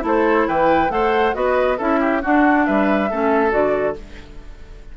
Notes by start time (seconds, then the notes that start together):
0.00 A3 E4 A4
0.06 C5
0.47 E3 B4 G5
0.89 A3 A4 C5 F#5
1.33 B3 F#4 B4 D#5
1.77 C#4 E4 A4 E5
2.00 G4
2.22 D4 F#4 F#5
2.65 G3 B4 E5
3.09 A3 C#4 A4
3.49 D3 F#4 D5